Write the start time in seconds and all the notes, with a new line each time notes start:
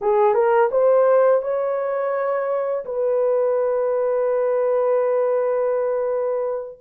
0.01 G#4
0.34 A#4
0.71 C5
1.42 C#5
2.85 B4